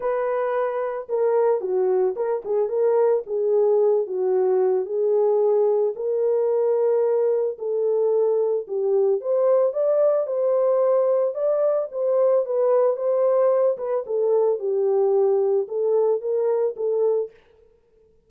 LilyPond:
\new Staff \with { instrumentName = "horn" } { \time 4/4 \tempo 4 = 111 b'2 ais'4 fis'4 | ais'8 gis'8 ais'4 gis'4. fis'8~ | fis'4 gis'2 ais'4~ | ais'2 a'2 |
g'4 c''4 d''4 c''4~ | c''4 d''4 c''4 b'4 | c''4. b'8 a'4 g'4~ | g'4 a'4 ais'4 a'4 | }